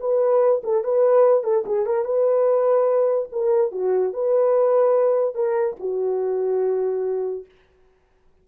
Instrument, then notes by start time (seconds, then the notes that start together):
horn
0.00 B4
0.63 A4
0.84 B4
1.44 A4
1.66 G#4
1.86 A#4
2.05 B4
3.32 A#4
3.72 F#4
4.13 B4
5.35 A#4
5.79 F#4